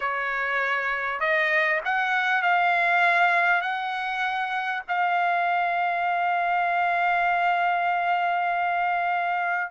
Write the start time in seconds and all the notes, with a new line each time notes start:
0.00 C#5
1.20 D#5
1.85 F#5
2.42 F5
3.61 F#5
4.88 F5